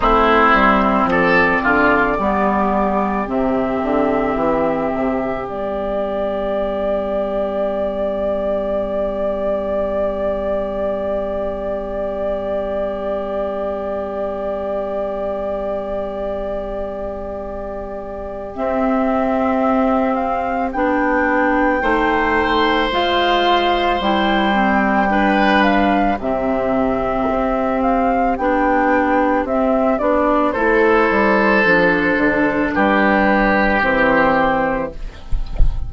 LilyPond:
<<
  \new Staff \with { instrumentName = "flute" } { \time 4/4 \tempo 4 = 55 c''4 d''2 e''4~ | e''4 d''2.~ | d''1~ | d''1~ |
d''4 e''4. f''8 g''4~ | g''4 f''4 g''4. f''8 | e''4. f''8 g''4 e''8 d''8 | c''2 b'4 c''4 | }
  \new Staff \with { instrumentName = "oboe" } { \time 4/4 e'4 a'8 f'8 g'2~ | g'1~ | g'1~ | g'1~ |
g'1 | c''2. b'4 | g'1 | a'2 g'2 | }
  \new Staff \with { instrumentName = "clarinet" } { \time 4/4 c'2 b4 c'4~ | c'4 b2.~ | b1~ | b1~ |
b4 c'2 d'4 | dis'4 f'4 e'8 c'8 d'4 | c'2 d'4 c'8 d'8 | e'4 d'2 c'4 | }
  \new Staff \with { instrumentName = "bassoon" } { \time 4/4 a8 g8 f8 d8 g4 c8 d8 | e8 c8 g2.~ | g1~ | g1~ |
g4 c'2 b4 | a4 gis4 g2 | c4 c'4 b4 c'8 b8 | a8 g8 f8 d8 g4 e4 | }
>>